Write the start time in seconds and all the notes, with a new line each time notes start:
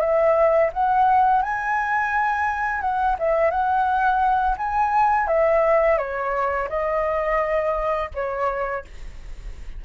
0.00 E5
0.73 F#5
1.42 G#5
2.81 F#5
3.19 E5
3.50 F#5
4.57 G#5
5.27 E5
5.97 C#5
6.69 D#5
8.14 C#5